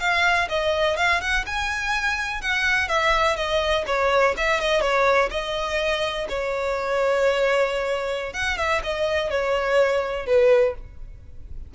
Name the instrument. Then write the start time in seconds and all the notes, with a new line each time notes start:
violin
0.00 F5
0.49 D#5
0.97 F5
1.21 F#5
1.47 G#5
2.41 F#5
2.89 E5
3.37 D#5
3.87 C#5
4.37 E5
4.61 D#5
4.81 C#5
5.31 D#5
6.29 C#5
8.34 F#5
8.58 E5
8.84 D#5
9.30 C#5
10.27 B4